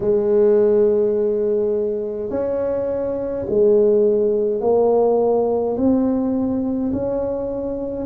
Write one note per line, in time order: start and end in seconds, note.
0.00 2.30 G#3
2.30 3.45 C#4
3.49 4.60 G#3
4.60 5.76 A#3
5.76 6.92 C4
6.92 8.05 C#4